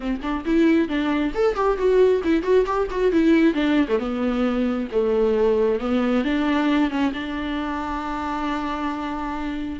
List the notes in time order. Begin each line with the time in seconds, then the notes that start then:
0.00 C4
0.22 D4
0.45 E4
0.88 D4
1.34 A4
1.55 G4
1.77 F#4
2.23 E4
2.43 F#4
2.65 G4
2.91 F#4
3.12 E4
3.54 D4
3.88 A3
3.99 B3
4.91 A3
5.79 B3
6.24 D4
6.90 C#4
7.13 D4